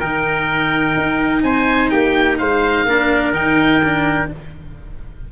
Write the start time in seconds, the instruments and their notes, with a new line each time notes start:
0.00 tuba D#3, cello D#4, trumpet A#4, oboe G5
0.97 tuba D#4
1.43 tuba C4, trumpet C5, oboe G#5
1.90 tuba A#3, trumpet G4, oboe G5
2.38 tuba G#3, trumpet C5, oboe F5
2.85 tuba A#3, cello D4, trumpet A#4
3.31 tuba D#3, cello D#4, oboe G5
3.84 cello D4